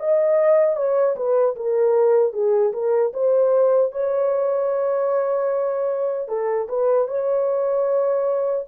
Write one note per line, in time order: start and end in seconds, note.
0.00 0.77 D#5
0.77 1.16 C#5
1.16 1.56 B4
1.56 2.33 A#4
2.33 2.73 G#4
2.73 3.13 A#4
3.14 3.92 C5
3.92 6.28 C#5
6.28 6.68 A4
6.69 7.08 B4
7.08 8.66 C#5